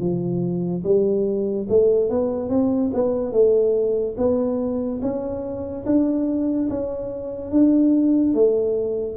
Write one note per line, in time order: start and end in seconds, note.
0.00 0.83 F3
0.84 1.67 G3
1.69 2.10 A3
2.10 2.49 B3
2.49 2.91 C4
2.94 3.32 B3
3.32 4.16 A3
4.17 5.01 B3
5.02 5.85 C#4
5.86 6.69 D4
6.70 7.51 C#4
7.51 8.34 D4
8.34 9.17 A3